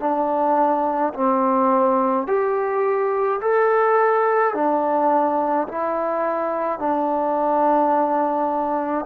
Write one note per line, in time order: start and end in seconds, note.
0.00 1.13 D4
1.14 2.27 C4
2.27 3.40 G4
3.41 4.54 A4
4.54 5.68 D4
5.69 6.79 E4
6.79 9.06 D4